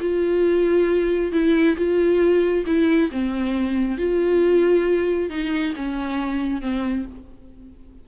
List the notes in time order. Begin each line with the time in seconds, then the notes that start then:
0.00 F4
1.32 E4
1.76 F4
2.66 E4
3.11 C4
3.97 F4
5.30 D#4
5.75 C#4
6.61 C4